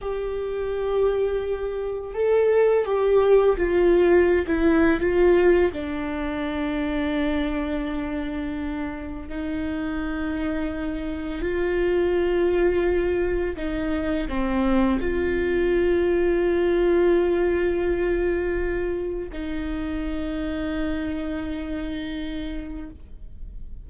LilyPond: \new Staff \with { instrumentName = "viola" } { \time 4/4 \tempo 4 = 84 g'2. a'4 | g'4 f'4~ f'16 e'8. f'4 | d'1~ | d'4 dis'2. |
f'2. dis'4 | c'4 f'2.~ | f'2. dis'4~ | dis'1 | }